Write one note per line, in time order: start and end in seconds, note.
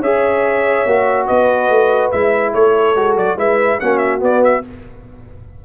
0.00 0.84 C#4
0.00 0.88 G#4
0.00 1.26 C#5
0.00 1.27 E5
0.86 1.28 A#3
0.86 2.13 F#4
1.26 1.69 B3
1.26 2.52 B4
1.26 2.11 D#5
1.69 2.11 A3
2.11 2.53 G#3
2.11 2.95 E4
2.11 2.53 E5
2.53 2.95 A3
2.53 3.38 A4
2.53 3.16 C#5
2.95 3.16 G#3
2.95 3.37 F#4
3.16 3.36 F#3
3.16 3.38 D5
3.36 3.78 G#3
3.36 3.79 E4
3.36 3.79 B4
3.36 3.80 E5
3.79 4.22 A#3
3.79 4.19 C#4
3.79 4.63 F#4
3.79 3.98 F#5
3.98 4.19 E5
4.19 4.61 B3
4.19 4.63 B3
4.19 4.44 D5
4.44 4.65 E5